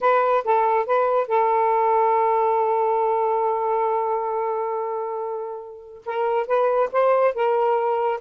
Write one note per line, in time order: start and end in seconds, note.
0.00 0.44 B4
0.44 0.86 A4
0.86 1.27 B4
1.27 6.02 A4
6.05 6.46 A#4
6.46 6.89 B4
6.92 7.34 C5
7.34 8.20 A#4